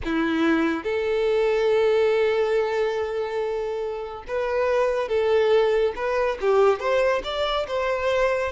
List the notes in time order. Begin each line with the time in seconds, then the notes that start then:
0.04 E4
0.83 A4
4.27 B4
5.08 A4
5.95 B4
6.40 G4
6.79 C5
7.23 D5
7.67 C5